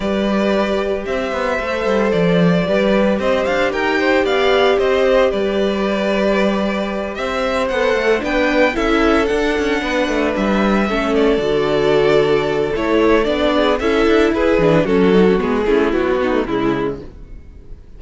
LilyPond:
<<
  \new Staff \with { instrumentName = "violin" } { \time 4/4 \tempo 4 = 113 d''2 e''2 | d''2 dis''8 f''8 g''4 | f''4 dis''4 d''2~ | d''4. e''4 fis''4 g''8~ |
g''8 e''4 fis''2 e''8~ | e''4 d''2. | cis''4 d''4 e''4 b'4 | a'4 gis'4 fis'4 e'4 | }
  \new Staff \with { instrumentName = "violin" } { \time 4/4 b'2 c''2~ | c''4 b'4 c''4 ais'8 c''8 | d''4 c''4 b'2~ | b'4. c''2 b'8~ |
b'8 a'2 b'4.~ | b'8 a'2.~ a'8~ | a'4. gis'8 a'4 gis'4 | fis'4. e'4 dis'8 e'4 | }
  \new Staff \with { instrumentName = "viola" } { \time 4/4 g'2. a'4~ | a'4 g'2.~ | g'1~ | g'2~ g'8 a'4 d'8~ |
d'8 e'4 d'2~ d'8~ | d'8 cis'4 fis'2~ fis'8 | e'4 d'4 e'4. d'8 | cis'8 dis'16 cis'16 b8 cis'8 fis8 b16 a16 gis4 | }
  \new Staff \with { instrumentName = "cello" } { \time 4/4 g2 c'8 b8 a8 g8 | f4 g4 c'8 d'8 dis'4 | b4 c'4 g2~ | g4. c'4 b8 a8 b8~ |
b8 cis'4 d'8 cis'8 b8 a8 g8~ | g8 a4 d2~ d8 | a4 b4 cis'8 d'8 e'8 e8 | fis4 gis8 a8 b4 cis4 | }
>>